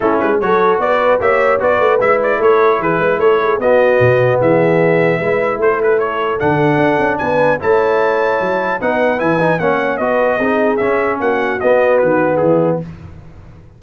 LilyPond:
<<
  \new Staff \with { instrumentName = "trumpet" } { \time 4/4 \tempo 4 = 150 a'8 b'8 cis''4 d''4 e''4 | d''4 e''8 d''8 cis''4 b'4 | cis''4 dis''2 e''4~ | e''2 c''8 b'8 cis''4 |
fis''2 gis''4 a''4~ | a''2 fis''4 gis''4 | fis''4 dis''2 e''4 | fis''4 dis''4 b'4 gis'4 | }
  \new Staff \with { instrumentName = "horn" } { \time 4/4 e'4 a'4 b'4 cis''4 | b'2 a'4 gis'8 b'8 | a'8 gis'8 fis'2 gis'4~ | gis'4 b'4 a'2~ |
a'2 b'4 cis''4~ | cis''2 b'2 | cis''4 b'4 gis'2 | fis'2. e'4 | }
  \new Staff \with { instrumentName = "trombone" } { \time 4/4 cis'4 fis'2 g'4 | fis'4 e'2.~ | e'4 b2.~ | b4 e'2. |
d'2. e'4~ | e'2 dis'4 e'8 dis'8 | cis'4 fis'4 dis'4 cis'4~ | cis'4 b2. | }
  \new Staff \with { instrumentName = "tuba" } { \time 4/4 a8 gis8 fis4 b4 ais4 | b8 a8 gis4 a4 e8 gis8 | a4 b4 b,4 e4~ | e4 gis4 a2 |
d4 d'8 cis'8 b4 a4~ | a4 fis4 b4 e4 | ais4 b4 c'4 cis'4 | ais4 b4 dis4 e4 | }
>>